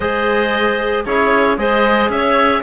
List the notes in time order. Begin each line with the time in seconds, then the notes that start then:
0.00 G#3 G#4 C5 D#5
1.05 C#4 E4 G#4 C#5
1.57 G#3 G#4 C5 D#5
2.09 C#4 C#5 E5